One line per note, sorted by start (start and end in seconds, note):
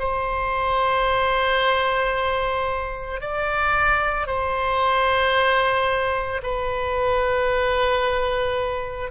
0.00 3.21 C5
3.21 4.28 D5
4.28 6.42 C5
6.43 9.11 B4